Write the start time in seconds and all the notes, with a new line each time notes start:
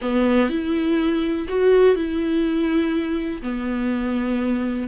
0.01 B3
0.49 E4
1.48 F#4
1.95 E4
3.41 B3